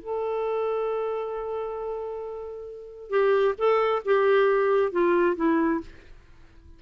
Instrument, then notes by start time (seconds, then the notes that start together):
clarinet
0.00 A4
3.11 G4
3.58 A4
4.06 G4
4.92 F4
5.36 E4